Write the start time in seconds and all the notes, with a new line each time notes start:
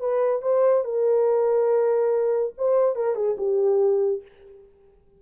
0.00 B4
0.42 C5
0.84 A#4
2.58 C5
2.96 A#4
3.15 G#4
3.38 G4